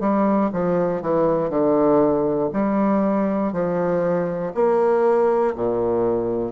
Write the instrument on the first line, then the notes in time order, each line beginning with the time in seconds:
bassoon
0.00 G3
0.53 F3
1.01 E3
1.50 D3
2.53 G3
3.53 F3
4.55 A#3
5.55 A#2